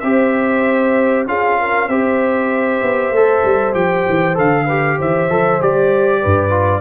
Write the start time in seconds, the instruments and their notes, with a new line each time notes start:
0.00 tuba C4, trombone G4, horn C5, trumpet E5
1.26 tuba C#4, trombone F4, horn G#4, trumpet F5
1.60 horn A#4
1.88 tuba C4, trombone G4, horn C5, trumpet E5
2.82 tuba B3
3.11 tuba A3, trombone A4
3.44 tuba G3
3.73 tuba F3, trombone G4, trumpet G5
4.09 tuba E3
4.34 tuba D3, trombone A4, trumpet F5
4.65 trombone G4, horn B4
4.98 tuba E3, horn C5, trumpet E5
5.30 tuba F3, trombone A4
5.61 tuba G3, trombone G4, trumpet D5
6.21 tuba G2, horn B4
6.50 trombone F4